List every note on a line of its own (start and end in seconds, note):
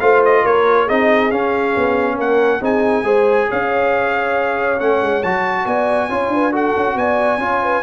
0.00 0.45 A3
0.00 0.88 F4
0.00 0.42 C5
0.00 0.22 F5
0.25 0.46 D#5
0.42 0.89 A#3
0.42 0.84 A#4
0.42 0.88 C#5
0.84 1.31 C4
0.84 1.31 D#4
0.84 2.14 G#4
0.84 1.31 D#5
1.31 2.61 C#4
1.31 1.75 C#4
1.31 2.18 F5
1.77 2.17 B3
2.17 2.60 A#3
2.17 2.61 A#4
2.17 2.63 F#5
2.61 3.03 C4
2.61 3.04 D#4
2.61 3.04 G#4
2.61 3.51 G#5
3.03 3.46 G#3
3.03 4.78 G#4
3.03 3.48 C5
3.48 4.80 C#4
3.48 5.65 C#5
3.48 4.79 F5
4.79 5.01 A3
4.79 5.22 C#4
4.79 5.23 F#5
5.01 5.23 G#3
5.23 5.65 F#3
5.23 6.10 F#4
5.23 5.66 A5
5.65 6.08 B3
5.65 6.10 D5
5.65 6.53 G#5
6.08 6.28 C#4
6.08 6.52 F4
6.08 6.33 C#5
6.28 6.72 D4
6.28 6.52 B4
6.52 7.39 F#4
6.52 6.95 A4
6.52 6.98 F#5
6.76 6.95 C#4
6.95 7.38 B3
6.95 7.42 D5
6.95 7.82 G#5
7.38 7.81 C#4
7.38 7.82 F4
7.38 7.62 C#5
7.62 7.82 B4